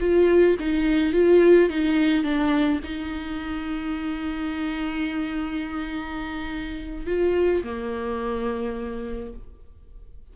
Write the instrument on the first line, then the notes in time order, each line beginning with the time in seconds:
viola
0.00 F4
0.59 D#4
1.13 F4
1.70 D#4
2.24 D4
2.84 D#4
7.07 F4
7.64 A#3